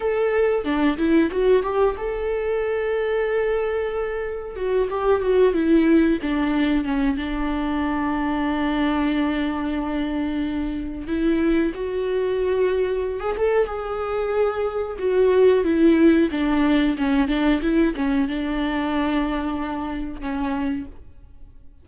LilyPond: \new Staff \with { instrumentName = "viola" } { \time 4/4 \tempo 4 = 92 a'4 d'8 e'8 fis'8 g'8 a'4~ | a'2. fis'8 g'8 | fis'8 e'4 d'4 cis'8 d'4~ | d'1~ |
d'4 e'4 fis'2~ | fis'16 gis'16 a'8 gis'2 fis'4 | e'4 d'4 cis'8 d'8 e'8 cis'8 | d'2. cis'4 | }